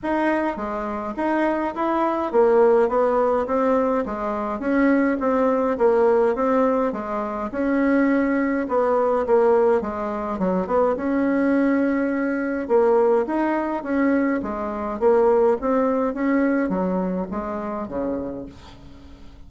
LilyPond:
\new Staff \with { instrumentName = "bassoon" } { \time 4/4 \tempo 4 = 104 dis'4 gis4 dis'4 e'4 | ais4 b4 c'4 gis4 | cis'4 c'4 ais4 c'4 | gis4 cis'2 b4 |
ais4 gis4 fis8 b8 cis'4~ | cis'2 ais4 dis'4 | cis'4 gis4 ais4 c'4 | cis'4 fis4 gis4 cis4 | }